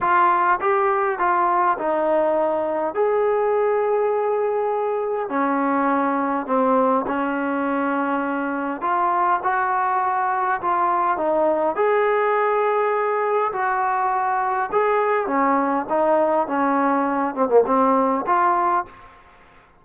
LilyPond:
\new Staff \with { instrumentName = "trombone" } { \time 4/4 \tempo 4 = 102 f'4 g'4 f'4 dis'4~ | dis'4 gis'2.~ | gis'4 cis'2 c'4 | cis'2. f'4 |
fis'2 f'4 dis'4 | gis'2. fis'4~ | fis'4 gis'4 cis'4 dis'4 | cis'4. c'16 ais16 c'4 f'4 | }